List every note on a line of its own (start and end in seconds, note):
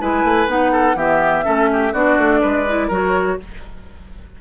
0.00 0.23 G#3
0.00 0.47 E4
0.00 0.72 B4
0.00 0.48 G#5
0.23 0.46 A3
0.46 0.95 B3
0.46 0.95 D#4
0.46 0.97 F#5
0.72 0.96 A4
0.95 1.43 E3
0.95 1.43 B3
0.95 1.44 G4
0.95 1.93 E5
1.43 1.93 A3
1.43 1.92 C#4
1.43 1.69 A4
1.72 1.92 G4
1.92 2.17 B3
1.92 2.67 D4
1.92 2.40 F#4
1.92 2.90 D5
2.17 2.42 A3
2.41 2.89 G#3
2.41 2.87 B4
2.67 2.91 E4
2.87 3.38 F#3
2.87 3.39 F#4
2.87 3.36 A#4
2.87 3.41 C#5